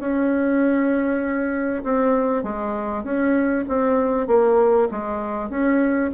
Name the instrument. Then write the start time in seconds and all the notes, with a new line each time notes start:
bassoon
0.00 C#4
1.84 C4
2.44 G#3
3.04 C#4
3.69 C4
4.28 A#3
4.91 G#3
5.50 C#4